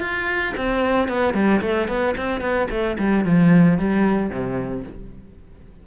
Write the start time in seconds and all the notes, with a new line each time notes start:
0.00 F4
0.57 C4
1.08 B3
1.34 G3
1.61 A3
1.88 B3
2.17 C4
2.41 B3
2.70 A3
2.98 G3
3.25 F3
3.78 G3
4.30 C3